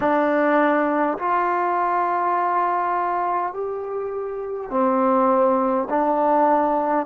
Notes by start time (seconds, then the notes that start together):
0.00 D4
1.18 F4
3.53 G4
4.70 C4
5.89 D4